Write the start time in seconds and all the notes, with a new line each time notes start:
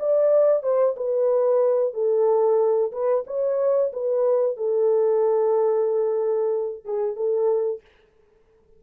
0.00 D5
0.63 C5
0.97 B4
1.94 A4
2.92 B4
3.27 C#5
3.93 B4
4.57 A4
6.85 G#4
7.16 A4